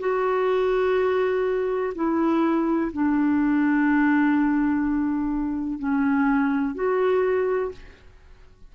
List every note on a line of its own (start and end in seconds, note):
0.00 1.94 F#4
1.95 2.92 E4
2.93 5.79 D4
5.79 6.75 C#4
6.75 7.72 F#4